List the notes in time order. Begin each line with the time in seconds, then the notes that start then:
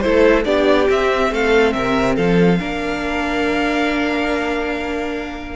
0.00 A3 E4 A4 C5
0.44 B3 D4 G4 D5
0.89 C4 E5
1.31 A3 A4 F5
1.72 C3 A#4 E5
2.16 F3 A4 F5
2.59 A#3 D4 A#4